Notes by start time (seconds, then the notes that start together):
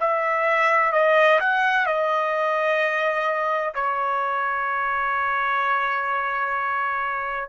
0.00 E5
0.92 D#5
1.41 F#5
1.87 D#5
3.75 C#5